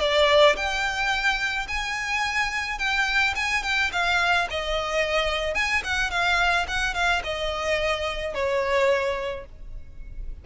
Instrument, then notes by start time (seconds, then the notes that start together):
violin
0.00 D5
0.56 G5
1.68 G#5
2.78 G5
3.35 G#5
3.63 G5
3.92 F5
4.50 D#5
5.54 G#5
5.83 F#5
6.10 F5
6.67 F#5
6.94 F5
7.24 D#5
8.34 C#5